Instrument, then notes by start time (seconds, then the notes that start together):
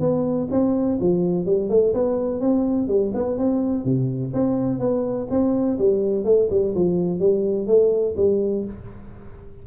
tuba
0.00 B3
0.51 C4
1.00 F3
1.46 G3
1.69 A3
1.94 B3
2.41 C4
2.88 G3
3.14 B3
3.38 C4
3.85 C3
4.33 C4
4.79 B3
5.30 C4
5.79 G3
6.25 A3
6.50 G3
6.75 F3
7.20 G3
7.67 A3
8.17 G3